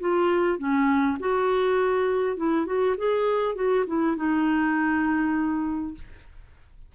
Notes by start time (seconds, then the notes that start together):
0.00 F4
0.58 C#4
1.19 F#4
2.37 E4
2.66 F#4
2.97 G#4
3.55 F#4
3.87 E4
4.16 D#4